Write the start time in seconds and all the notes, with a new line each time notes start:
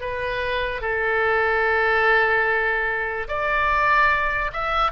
0.00 B4
0.81 A4
3.28 D5
4.53 E5